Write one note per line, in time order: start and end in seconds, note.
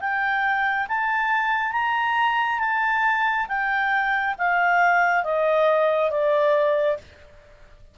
0.00 0.87 G5
0.88 1.72 A5
1.72 2.59 A#5
2.59 3.46 A5
3.48 4.35 G5
4.38 5.23 F5
5.23 6.10 D#5
6.10 6.97 D5